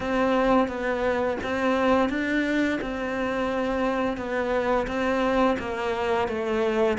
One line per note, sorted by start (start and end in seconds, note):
0.00 0.68 C4
0.68 1.37 B3
1.43 2.09 C4
2.09 2.79 D4
2.81 4.17 C4
4.17 4.86 B3
4.87 5.57 C4
5.58 6.28 A#3
6.28 6.97 A3